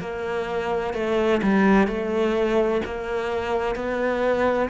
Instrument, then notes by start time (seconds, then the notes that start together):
cello
0.00 A#3
0.94 A3
1.42 G3
1.87 A3
2.85 A#3
3.75 B3